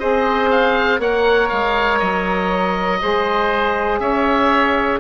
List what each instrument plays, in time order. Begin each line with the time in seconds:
0.00 bassoon C4, saxophone G#4, oboe C5 D#5
0.51 oboe F5
0.99 bassoon A#3, saxophone A#4, oboe C#5 F#5
1.49 bassoon G#3, oboe F5
2.00 bassoon F#3, oboe D#5
3.02 bassoon G#3, saxophone G#4, oboe C5
4.00 bassoon C#4, oboe C#5 E5